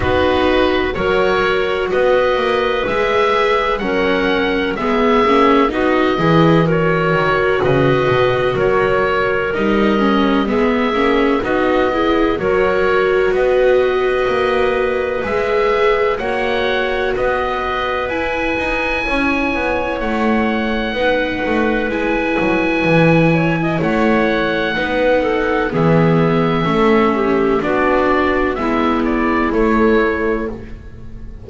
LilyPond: <<
  \new Staff \with { instrumentName = "oboe" } { \time 4/4 \tempo 4 = 63 b'4 cis''4 dis''4 e''4 | fis''4 e''4 dis''4 cis''4 | dis''4 cis''4 dis''4 e''4 | dis''4 cis''4 dis''2 |
e''4 fis''4 dis''4 gis''4~ | gis''4 fis''2 gis''4~ | gis''4 fis''2 e''4~ | e''4 d''4 e''8 d''8 cis''4 | }
  \new Staff \with { instrumentName = "clarinet" } { \time 4/4 fis'4 ais'4 b'2 | ais'4 gis'4 fis'8 gis'8 ais'4 | b'4 ais'2 gis'4 | fis'8 gis'8 ais'4 b'2~ |
b'4 cis''4 b'2 | cis''2 b'2~ | b'8 cis''16 dis''16 cis''4 b'8 a'8 gis'4 | a'8 g'8 fis'4 e'2 | }
  \new Staff \with { instrumentName = "viola" } { \time 4/4 dis'4 fis'2 gis'4 | cis'4 b8 cis'8 dis'8 e'8 fis'4~ | fis'2 dis'8 cis'8 b8 cis'8 | dis'8 e'8 fis'2. |
gis'4 fis'2 e'4~ | e'2 dis'4 e'4~ | e'2 dis'4 b4 | cis'4 d'4 b4 a4 | }
  \new Staff \with { instrumentName = "double bass" } { \time 4/4 b4 fis4 b8 ais8 gis4 | fis4 gis8 ais8 b8 e4 dis8 | cis8 b,8 fis4 g4 gis8 ais8 | b4 fis4 b4 ais4 |
gis4 ais4 b4 e'8 dis'8 | cis'8 b8 a4 b8 a8 gis8 fis8 | e4 a4 b4 e4 | a4 b4 gis4 a4 | }
>>